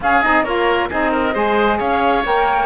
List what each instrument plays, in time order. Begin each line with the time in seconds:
0.00 cello C#4, saxophone C#4, oboe G#4, flute F5
0.22 cello C4, saxophone D#4, flute D#5
0.43 cello A#3, saxophone F4, oboe A#4, flute C#5
0.90 cello C4, saxophone D#4, oboe G#4, flute D#5
1.11 oboe A#4
1.33 cello G#3, saxophone G#4, oboe C5
1.78 cello C#4, oboe C#5, flute F5
2.24 cello A#3, saxophone A#4, flute G5